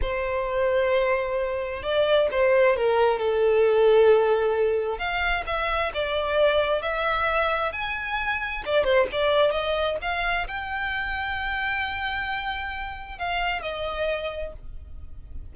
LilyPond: \new Staff \with { instrumentName = "violin" } { \time 4/4 \tempo 4 = 132 c''1 | d''4 c''4 ais'4 a'4~ | a'2. f''4 | e''4 d''2 e''4~ |
e''4 gis''2 d''8 c''8 | d''4 dis''4 f''4 g''4~ | g''1~ | g''4 f''4 dis''2 | }